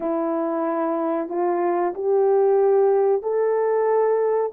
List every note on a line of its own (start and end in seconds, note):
0.00 1.28 E4
1.28 1.93 F4
1.94 3.22 G4
3.22 4.51 A4